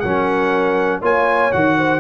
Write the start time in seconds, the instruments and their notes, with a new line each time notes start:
0.00 tuba F#3, trombone C#4, horn A#4, trumpet F#5
1.01 tuba A#3, trombone F4, horn C#5, trumpet G#5
1.52 tuba D#3, trombone F#4, trumpet F#5
1.77 horn C5